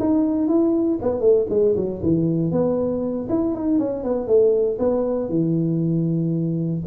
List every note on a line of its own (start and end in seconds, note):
0.00 0.49 D#4
0.49 0.99 E4
1.03 1.21 B3
1.21 1.47 A3
1.50 1.76 G#3
1.77 2.02 F#3
2.03 2.52 E3
2.52 3.28 B3
3.30 3.55 E4
3.55 3.79 D#4
3.79 4.04 C#4
4.04 4.28 B3
4.28 4.79 A3
4.79 5.30 B3
5.30 6.82 E3